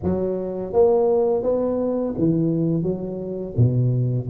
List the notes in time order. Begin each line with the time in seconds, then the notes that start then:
0.03 F#3
0.72 A#3
1.43 B3
2.18 E3
2.82 F#3
3.56 B2